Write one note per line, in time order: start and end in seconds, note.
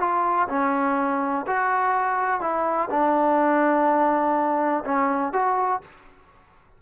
0.00 0.48 F4
0.49 1.46 C#4
1.47 2.41 F#4
2.41 2.90 E4
2.91 4.84 D4
4.85 5.33 C#4
5.33 5.82 F#4